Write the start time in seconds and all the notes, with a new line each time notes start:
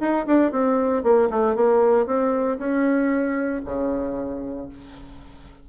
0.00 D#4
0.26 D4
0.51 C4
1.03 A#3
1.30 A3
1.55 A#3
2.06 C4
2.58 C#4
3.65 C#3